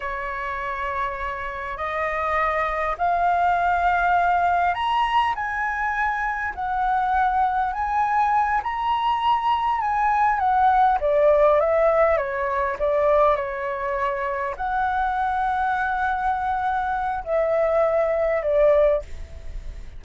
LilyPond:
\new Staff \with { instrumentName = "flute" } { \time 4/4 \tempo 4 = 101 cis''2. dis''4~ | dis''4 f''2. | ais''4 gis''2 fis''4~ | fis''4 gis''4. ais''4.~ |
ais''8 gis''4 fis''4 d''4 e''8~ | e''8 cis''4 d''4 cis''4.~ | cis''8 fis''2.~ fis''8~ | fis''4 e''2 d''4 | }